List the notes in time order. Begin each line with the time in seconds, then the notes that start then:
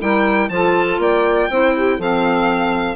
0.00 G3 E4 A#4 G5
0.49 F3 F4 A4 A5
0.98 A#3 D5 G5
1.50 C4 E4 C5
1.75 G4
1.97 F3 C4 A4 F5